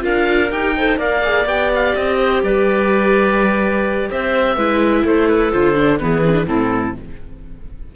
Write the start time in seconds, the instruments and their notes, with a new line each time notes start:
0.00 cello D4, viola F4, clarinet A#4, oboe F5
0.51 cello D#4, viola G4, oboe G5
0.77 viola A4, clarinet C5
0.98 cello A#3, viola A#4, clarinet D5, oboe F5
1.24 viola G#4
1.45 cello B3, viola G4, oboe G5
1.75 oboe F5
1.95 cello C4, oboe D#5
2.18 clarinet C5
2.43 cello G3, clarinet B4, oboe D5
4.10 cello C4, clarinet C5, oboe E5
4.56 cello G#3, viola E4, clarinet B4
5.04 cello A3, clarinet A4, oboe C5
5.28 oboe B4
5.52 cello D3, viola F4, oboe C5
5.75 viola D4
5.99 cello E3, viola B3, clarinet G#4, oboe B4
6.25 viola C4
6.33 viola D4
6.46 cello A2, viola C4, clarinet E4, oboe A4